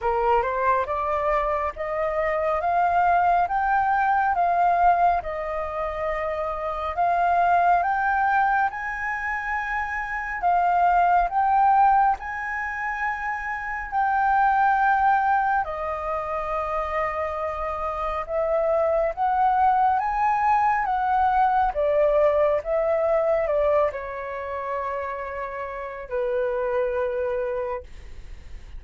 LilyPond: \new Staff \with { instrumentName = "flute" } { \time 4/4 \tempo 4 = 69 ais'8 c''8 d''4 dis''4 f''4 | g''4 f''4 dis''2 | f''4 g''4 gis''2 | f''4 g''4 gis''2 |
g''2 dis''2~ | dis''4 e''4 fis''4 gis''4 | fis''4 d''4 e''4 d''8 cis''8~ | cis''2 b'2 | }